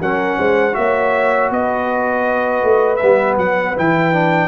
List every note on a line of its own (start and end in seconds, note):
0.00 0.38 F#3
0.00 0.72 C#4
0.00 0.38 A#4
0.00 0.75 F#5
0.38 0.75 G#3
0.38 0.75 C5
0.72 1.50 A#3
0.72 2.97 F#4
0.72 1.51 C#5
0.72 1.50 E5
1.50 2.63 B3
1.50 4.48 B4
1.50 2.96 D#5
2.63 3.00 A3
2.96 3.76 B3
2.96 3.34 E5
3.02 3.37 G3
3.37 3.74 F#3
3.37 3.76 F#5
3.76 4.48 E3
3.76 4.13 E4
3.76 4.48 G5
4.13 4.48 D4